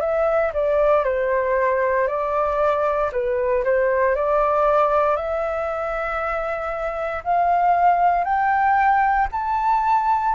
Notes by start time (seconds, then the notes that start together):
0.00 E5
0.53 D5
1.04 C5
2.07 D5
3.12 B4
3.64 C5
4.15 D5
5.16 E5
7.24 F5
8.24 G5
9.32 A5